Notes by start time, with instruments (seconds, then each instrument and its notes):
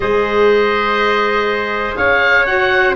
0.00 tuba G#3, clarinet G#4, trumpet C5, oboe D#5
1.96 tuba C#4, trumpet C#5, oboe F5
2.46 clarinet F#4, oboe F#5